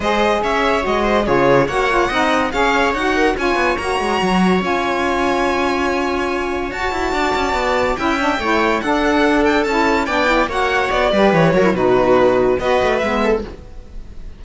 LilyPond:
<<
  \new Staff \with { instrumentName = "violin" } { \time 4/4 \tempo 4 = 143 dis''4 e''4 dis''4 cis''4 | fis''2 f''4 fis''4 | gis''4 ais''2 gis''4~ | gis''1 |
a''2. g''4~ | g''4 fis''4. g''8 a''4 | g''4 fis''4 d''4 cis''4 | b'2 dis''4 e''4 | }
  \new Staff \with { instrumentName = "viola" } { \time 4/4 c''4 cis''4. c''8 gis'4 | cis''4 dis''4 cis''4. ais'8 | cis''1~ | cis''1~ |
cis''4 d''2 e''4 | cis''4 a'2. | d''4 cis''4. b'4 ais'8 | fis'2 b'4. a'8 | }
  \new Staff \with { instrumentName = "saxophone" } { \time 4/4 gis'2 fis'4 f'4 | fis'8 f'8 dis'4 gis'4 fis'4 | f'4 fis'2 f'4~ | f'1 |
fis'2. e'8 d'8 | e'4 d'2 e'4 | d'8 e'8 fis'4. g'4 fis'16 e'16 | dis'2 fis'4 b4 | }
  \new Staff \with { instrumentName = "cello" } { \time 4/4 gis4 cis'4 gis4 cis4 | ais4 c'4 cis'4 dis'4 | cis'8 b8 ais8 gis8 fis4 cis'4~ | cis'1 |
fis'8 e'8 d'8 cis'8 b4 cis'4 | a4 d'2 cis'4 | b4 ais4 b8 g8 e8 fis8 | b,2 b8 a8 gis4 | }
>>